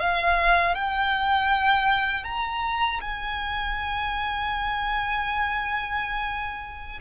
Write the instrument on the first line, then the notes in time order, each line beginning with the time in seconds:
violin
0.00 F5
0.75 G5
2.24 A#5
3.01 G#5